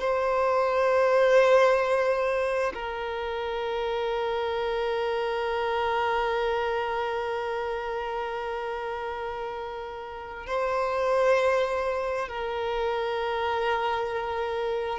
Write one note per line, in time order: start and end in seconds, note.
0.00 2.73 C5
2.74 10.47 A#4
10.47 12.29 C5
12.29 14.99 A#4